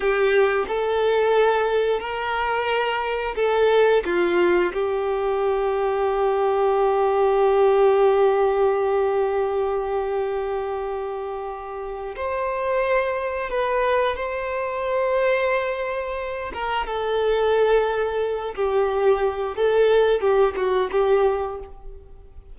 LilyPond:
\new Staff \with { instrumentName = "violin" } { \time 4/4 \tempo 4 = 89 g'4 a'2 ais'4~ | ais'4 a'4 f'4 g'4~ | g'1~ | g'1~ |
g'2 c''2 | b'4 c''2.~ | c''8 ais'8 a'2~ a'8 g'8~ | g'4 a'4 g'8 fis'8 g'4 | }